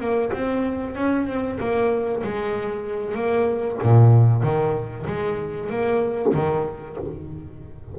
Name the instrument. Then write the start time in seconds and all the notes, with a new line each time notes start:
double bass
0.00 A#3
0.32 C4
0.95 C#4
1.27 C4
1.59 A#3
2.23 G#3
3.15 A#3
3.82 A#2
4.42 D#3
5.06 G#3
5.70 A#3
6.34 D#3